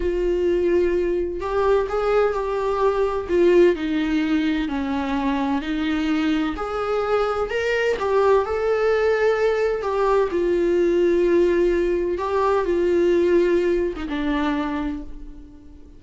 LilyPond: \new Staff \with { instrumentName = "viola" } { \time 4/4 \tempo 4 = 128 f'2. g'4 | gis'4 g'2 f'4 | dis'2 cis'2 | dis'2 gis'2 |
ais'4 g'4 a'2~ | a'4 g'4 f'2~ | f'2 g'4 f'4~ | f'4.~ f'16 dis'16 d'2 | }